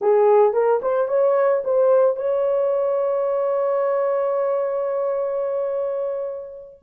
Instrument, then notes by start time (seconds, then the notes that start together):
horn
0.01 G#4
0.53 A#4
0.82 C5
1.08 C#5
1.64 C5
2.16 C#5